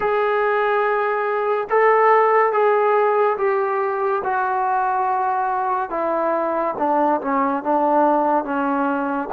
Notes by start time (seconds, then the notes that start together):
0.00 G#4
1.69 A4
2.52 G#4
3.37 G4
4.23 F#4
5.90 E4
6.78 D4
7.21 C#4
7.63 D4
8.44 C#4